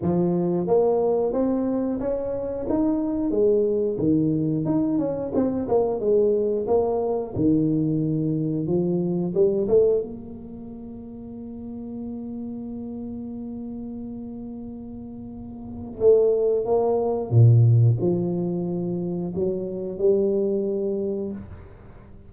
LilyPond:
\new Staff \with { instrumentName = "tuba" } { \time 4/4 \tempo 4 = 90 f4 ais4 c'4 cis'4 | dis'4 gis4 dis4 dis'8 cis'8 | c'8 ais8 gis4 ais4 dis4~ | dis4 f4 g8 a8 ais4~ |
ais1~ | ais1 | a4 ais4 ais,4 f4~ | f4 fis4 g2 | }